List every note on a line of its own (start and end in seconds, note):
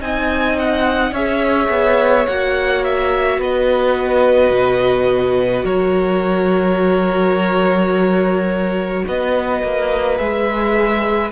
0.00 1.12 C4
0.00 1.13 D#4
0.00 1.13 D#5
0.00 0.58 G#5
0.59 1.15 F#5
1.12 1.68 C#4
1.12 2.29 G#4
1.12 3.39 C#5
1.12 2.28 E5
1.70 2.26 B3
2.28 3.38 A#3
2.28 10.17 F#4
2.28 2.84 F#5
2.84 3.41 E5
3.38 4.51 B3
3.38 5.65 B4
3.38 5.66 D#5
4.51 5.64 B2
5.65 9.04 F#3
5.65 9.04 A#4
5.65 9.05 C#5
9.08 9.63 B3
9.08 11.32 B4
9.08 10.18 D#5
9.63 10.20 A#3
10.17 11.32 G#3
10.17 11.31 G#4
10.17 11.32 E5